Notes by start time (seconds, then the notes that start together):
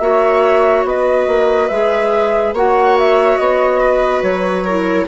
0.00 A#3 F#4 C#5 E5
0.85 B3 B4 D#5
1.28 A#3
1.69 G#3 G#4 E5
2.53 A#3 F#4 C#5 F#5
2.99 E5
3.38 B3 D#5
3.82 B4
4.23 F#3 C#5
4.65 E4 A#4